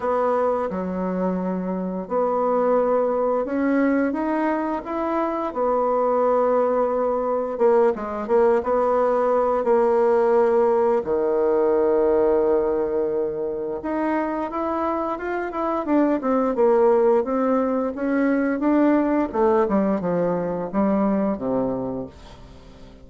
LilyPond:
\new Staff \with { instrumentName = "bassoon" } { \time 4/4 \tempo 4 = 87 b4 fis2 b4~ | b4 cis'4 dis'4 e'4 | b2. ais8 gis8 | ais8 b4. ais2 |
dis1 | dis'4 e'4 f'8 e'8 d'8 c'8 | ais4 c'4 cis'4 d'4 | a8 g8 f4 g4 c4 | }